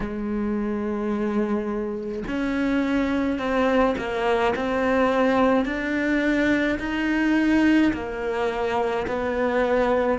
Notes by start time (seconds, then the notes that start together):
0.00 G#3
2.27 C#4
3.38 C4
3.97 A#3
4.55 C4
5.64 D4
6.79 D#4
7.92 A#3
9.07 B3